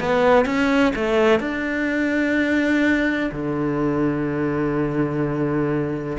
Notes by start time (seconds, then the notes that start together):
0.00 B3
0.45 C#4
0.96 A3
1.40 D4
3.32 D3